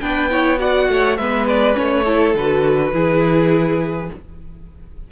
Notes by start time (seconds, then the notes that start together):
0.00 B3 D4 B4 G5
0.30 E4 C#5
0.57 F#4 D5 F#5
0.88 A3 C#5
1.17 G#3 B3 B4 E5
1.48 D5
1.74 A3 C#4 C#5
2.04 E4 A4
2.34 D3 F#4 B4
2.92 E3 E4 G#4